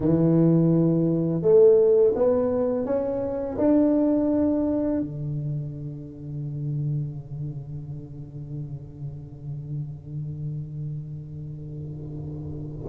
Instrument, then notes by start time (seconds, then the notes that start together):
tuba
0.00 E3
1.42 A3
2.15 B3
2.85 C#4
3.57 D4
5.00 D3